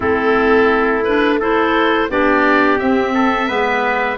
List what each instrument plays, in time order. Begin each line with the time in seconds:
0.00 tuba A3, clarinet C4, trumpet E4, oboe A4
1.04 clarinet D4, oboe B4
1.39 clarinet E4, trumpet A4, oboe C5
2.09 tuba B3, clarinet D4, trumpet G4, oboe D5
2.78 tuba C4, clarinet C4, oboe E5
3.14 trumpet A4
3.46 tuba G#3, clarinet B3, trumpet B4